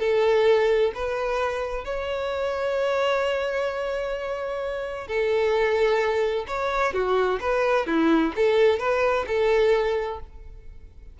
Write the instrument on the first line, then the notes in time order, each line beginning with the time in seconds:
violin
0.00 A4
0.95 B4
1.85 C#5
5.07 A4
6.48 C#5
6.93 F#4
7.41 B4
7.87 E4
8.36 A4
8.79 B4
9.28 A4